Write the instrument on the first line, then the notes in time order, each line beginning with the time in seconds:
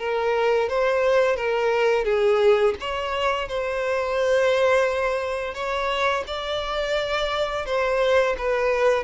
violin
0.00 A#4
0.69 C5
1.37 A#4
2.05 G#4
2.81 C#5
3.49 C5
5.55 C#5
6.27 D5
7.66 C5
8.38 B4